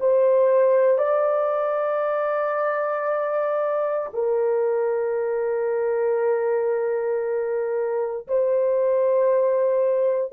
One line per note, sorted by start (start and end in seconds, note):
0.00 0.98 C5
0.98 4.09 D5
4.14 8.28 A#4
8.28 10.33 C5